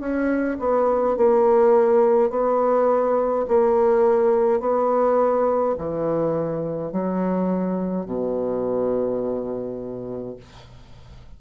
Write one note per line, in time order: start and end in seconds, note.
0.00 0.58 C#4
0.59 1.16 B3
1.16 2.30 A#3
2.30 3.45 B3
3.48 4.59 A#3
4.59 5.75 B3
5.78 6.92 E3
6.92 8.06 F#3
8.06 10.36 B2